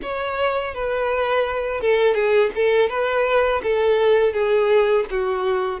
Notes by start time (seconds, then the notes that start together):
0.02 C#5
0.74 B4
1.80 A4
2.14 G#4
2.55 A4
2.89 B4
3.62 A4
4.33 G#4
5.10 F#4